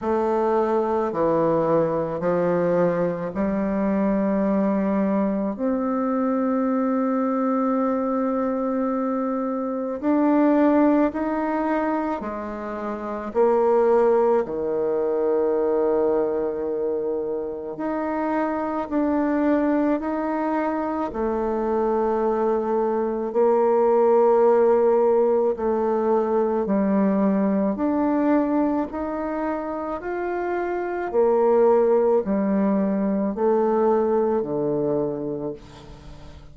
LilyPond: \new Staff \with { instrumentName = "bassoon" } { \time 4/4 \tempo 4 = 54 a4 e4 f4 g4~ | g4 c'2.~ | c'4 d'4 dis'4 gis4 | ais4 dis2. |
dis'4 d'4 dis'4 a4~ | a4 ais2 a4 | g4 d'4 dis'4 f'4 | ais4 g4 a4 d4 | }